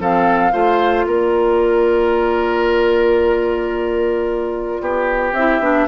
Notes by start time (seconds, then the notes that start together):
0.00 F3 C4 A4 F5
0.52 A3 F4 C5
1.06 A#3 A#4 D5
4.81 B3 G4
5.33 C4 E4 E5
5.60 B3 D4